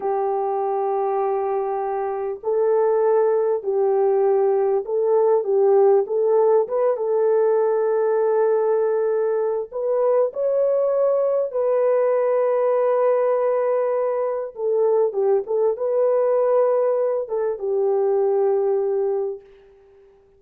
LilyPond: \new Staff \with { instrumentName = "horn" } { \time 4/4 \tempo 4 = 99 g'1 | a'2 g'2 | a'4 g'4 a'4 b'8 a'8~ | a'1 |
b'4 cis''2 b'4~ | b'1 | a'4 g'8 a'8 b'2~ | b'8 a'8 g'2. | }